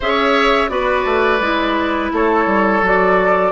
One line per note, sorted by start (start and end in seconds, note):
0.00 0.69 C#4
0.00 0.68 G#4
0.00 0.70 C#5
0.00 0.69 E5
0.68 1.04 B3
0.68 1.39 F#4
0.68 2.12 B4
0.68 2.10 D5
1.05 1.40 A3
1.40 2.10 G#3
1.40 2.83 E4
2.12 2.46 A3
2.12 3.52 A4
2.12 2.86 C#5
2.46 2.81 G3
2.82 3.52 F#3
2.82 3.52 F#4
2.82 3.52 D5